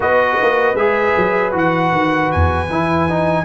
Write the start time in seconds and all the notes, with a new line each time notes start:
0.00 B3 F#4 B4 D#5
0.41 A#3
0.75 G#3 G#4 E5
1.16 F#3
1.52 E3 F#4 F#5
1.92 D#3
2.31 E2 G#5
2.69 E3 E4
3.09 D#4